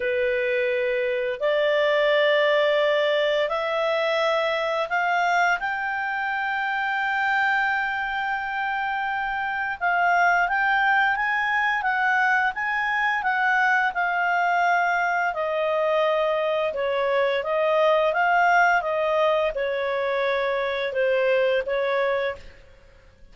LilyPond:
\new Staff \with { instrumentName = "clarinet" } { \time 4/4 \tempo 4 = 86 b'2 d''2~ | d''4 e''2 f''4 | g''1~ | g''2 f''4 g''4 |
gis''4 fis''4 gis''4 fis''4 | f''2 dis''2 | cis''4 dis''4 f''4 dis''4 | cis''2 c''4 cis''4 | }